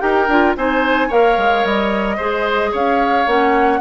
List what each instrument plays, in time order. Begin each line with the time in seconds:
0.00 bassoon D#4, clarinet G4, oboe A#4, flute G5
0.28 bassoon D4, clarinet F4
0.57 bassoon C4, clarinet D#4, oboe C5, flute G#5
1.08 bassoon A#3, clarinet A#4, oboe C#5, flute F5
1.38 bassoon G#3
1.64 bassoon G3, flute D#5
2.17 bassoon G#3, clarinet G#4, oboe C5
2.72 bassoon C#4, oboe C#5, flute F5
3.27 bassoon A#3, clarinet C#4, flute F#5